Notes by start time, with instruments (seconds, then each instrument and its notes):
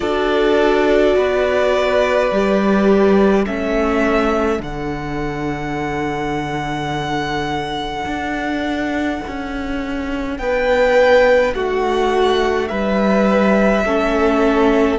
0.00 cello D4, viola F#4, violin A4 D5
1.15 cello B3, violin B4
2.31 cello G3, viola G4
3.44 cello A3, viola C#4, violin A4 E5
4.59 cello D3, viola D4, violin F#5
8.05 cello D4
9.27 cello C#4
10.37 cello B3, violin B4 G5
11.54 cello A3, violin F#4 F#5
12.67 cello G3, violin B4 E5
13.84 cello A3, viola C#4, violin A4